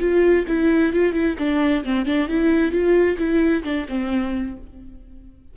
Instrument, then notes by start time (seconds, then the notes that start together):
viola
0.00 F4
0.48 E4
0.93 F4
1.13 E4
1.39 D4
1.85 C4
2.06 D4
2.29 E4
2.72 F4
3.18 E4
3.64 D4
3.89 C4